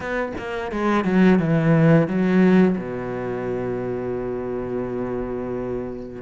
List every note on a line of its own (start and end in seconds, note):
0.00 0.32 B3
0.38 0.71 A#3
0.71 1.04 G#3
1.04 1.39 F#3
1.39 2.07 E3
2.07 2.76 F#3
2.77 6.21 B2